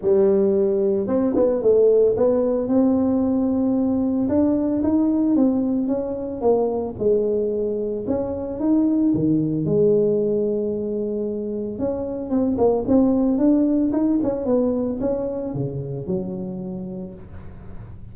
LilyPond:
\new Staff \with { instrumentName = "tuba" } { \time 4/4 \tempo 4 = 112 g2 c'8 b8 a4 | b4 c'2. | d'4 dis'4 c'4 cis'4 | ais4 gis2 cis'4 |
dis'4 dis4 gis2~ | gis2 cis'4 c'8 ais8 | c'4 d'4 dis'8 cis'8 b4 | cis'4 cis4 fis2 | }